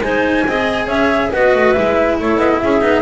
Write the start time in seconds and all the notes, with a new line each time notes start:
0.00 G#3 D#4 C5 G#5
0.46 C4 G#4 D#5
0.87 C#4 C#5 E5
1.32 B3 F#4 B4 D#5
1.54 A3
1.72 G#3 E4 E5
2.19 A3 A4 C#5
2.36 B3 D#5
2.60 C#4 G#4 E5
2.81 B3 D#4